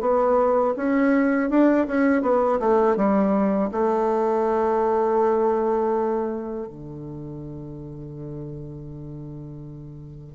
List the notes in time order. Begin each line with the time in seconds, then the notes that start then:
0.00 B3
0.76 C#4
1.50 D4
1.87 C#4
2.22 B3
2.60 A3
2.96 G3
3.71 A3
6.67 D3